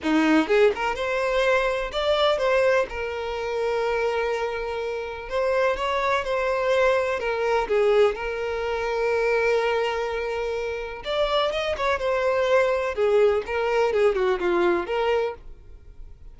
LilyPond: \new Staff \with { instrumentName = "violin" } { \time 4/4 \tempo 4 = 125 dis'4 gis'8 ais'8 c''2 | d''4 c''4 ais'2~ | ais'2. c''4 | cis''4 c''2 ais'4 |
gis'4 ais'2.~ | ais'2. d''4 | dis''8 cis''8 c''2 gis'4 | ais'4 gis'8 fis'8 f'4 ais'4 | }